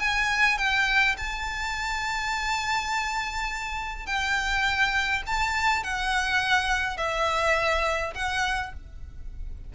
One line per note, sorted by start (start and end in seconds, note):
0.00 0.58 G#5
0.58 1.16 G5
1.18 4.06 A5
4.06 5.23 G5
5.27 5.84 A5
5.84 6.97 F#5
6.97 8.14 E5
8.15 8.73 F#5